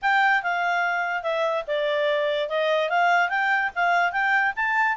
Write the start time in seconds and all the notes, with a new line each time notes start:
0.02 G5
0.43 F5
1.22 E5
1.67 D5
2.49 D#5
2.89 F5
3.29 G5
3.75 F5
4.12 G5
4.56 A5